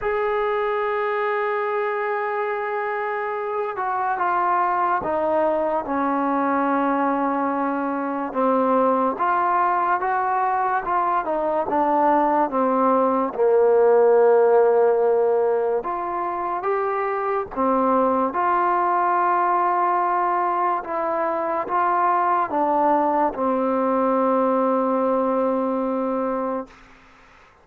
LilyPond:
\new Staff \with { instrumentName = "trombone" } { \time 4/4 \tempo 4 = 72 gis'1~ | gis'8 fis'8 f'4 dis'4 cis'4~ | cis'2 c'4 f'4 | fis'4 f'8 dis'8 d'4 c'4 |
ais2. f'4 | g'4 c'4 f'2~ | f'4 e'4 f'4 d'4 | c'1 | }